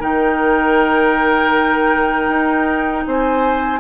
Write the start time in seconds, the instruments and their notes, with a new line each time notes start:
0.00 bassoon D#3, clarinet D#4, oboe A#4, flute G5
2.28 bassoon D#4
3.06 bassoon C4, oboe C5, flute G#5